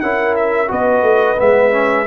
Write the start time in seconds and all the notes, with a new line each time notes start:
0.00 C#4 E4 A#4 F#5
0.35 E5
0.68 B3 F#4 B4 D#5
1.02 A3
1.38 G#3 B3 E5
1.71 C#4